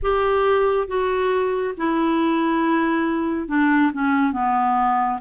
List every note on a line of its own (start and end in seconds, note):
0.02 0.87 G4
0.87 1.74 F#4
1.77 3.48 E4
3.48 3.91 D4
3.92 4.32 C#4
4.32 5.19 B3